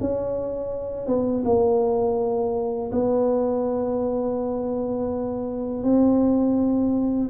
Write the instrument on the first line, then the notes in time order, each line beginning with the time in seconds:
tuba
0.00 C#4
1.07 B3
1.45 A#3
2.92 B3
5.84 C4